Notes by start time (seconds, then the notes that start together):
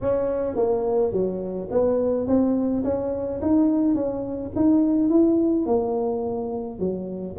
0.01 C#4
0.56 A#3
1.12 F#3
1.71 B3
2.27 C4
2.84 C#4
3.41 D#4
3.94 C#4
4.55 D#4
5.09 E4
5.66 A#3
6.79 F#3